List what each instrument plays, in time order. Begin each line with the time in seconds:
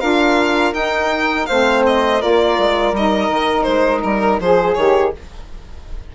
0.00 bassoon D4, saxophone F4, flute A#4, violin F5
0.73 bassoon D#4, saxophone D#4, violin G5
1.46 bassoon A3, saxophone C4, flute C5, violin F5
1.86 violin D#5
2.20 bassoon A#3, saxophone F4, flute A#4, violin D5
2.58 bassoon G#3
2.92 bassoon G3, saxophone D#4, violin D#5
3.30 bassoon D#3
3.63 bassoon G#3, violin C5
4.03 bassoon G3, violin A#4
4.39 bassoon F3, flute G#4, saxophone G#4, violin C5
4.74 bassoon D#3, saxophone G4, violin C#5